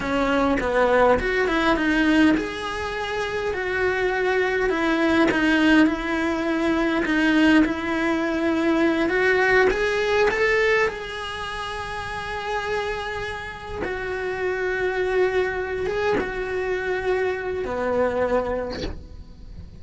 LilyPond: \new Staff \with { instrumentName = "cello" } { \time 4/4 \tempo 4 = 102 cis'4 b4 fis'8 e'8 dis'4 | gis'2 fis'2 | e'4 dis'4 e'2 | dis'4 e'2~ e'8 fis'8~ |
fis'8 gis'4 a'4 gis'4.~ | gis'2.~ gis'8 fis'8~ | fis'2. gis'8 fis'8~ | fis'2 b2 | }